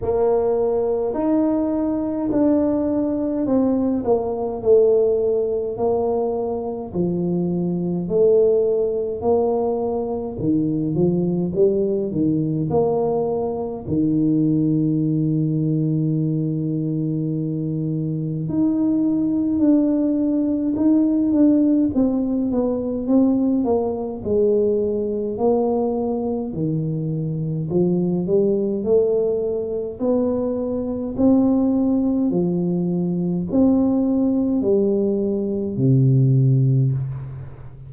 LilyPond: \new Staff \with { instrumentName = "tuba" } { \time 4/4 \tempo 4 = 52 ais4 dis'4 d'4 c'8 ais8 | a4 ais4 f4 a4 | ais4 dis8 f8 g8 dis8 ais4 | dis1 |
dis'4 d'4 dis'8 d'8 c'8 b8 | c'8 ais8 gis4 ais4 dis4 | f8 g8 a4 b4 c'4 | f4 c'4 g4 c4 | }